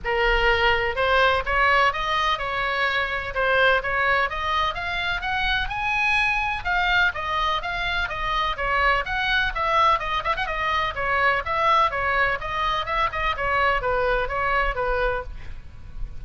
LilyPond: \new Staff \with { instrumentName = "oboe" } { \time 4/4 \tempo 4 = 126 ais'2 c''4 cis''4 | dis''4 cis''2 c''4 | cis''4 dis''4 f''4 fis''4 | gis''2 f''4 dis''4 |
f''4 dis''4 cis''4 fis''4 | e''4 dis''8 e''16 fis''16 dis''4 cis''4 | e''4 cis''4 dis''4 e''8 dis''8 | cis''4 b'4 cis''4 b'4 | }